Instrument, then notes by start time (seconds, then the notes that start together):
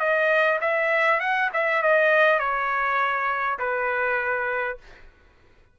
trumpet
0.00 D#5
0.61 E5
1.20 F#5
1.54 E5
1.83 D#5
2.40 C#5
3.59 B4